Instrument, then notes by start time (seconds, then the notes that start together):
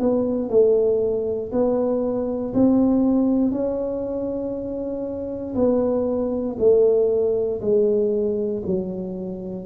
tuba
0.00 B3
0.49 A3
1.52 B3
2.54 C4
3.51 C#4
5.55 B3
6.59 A3
7.61 G#3
8.66 F#3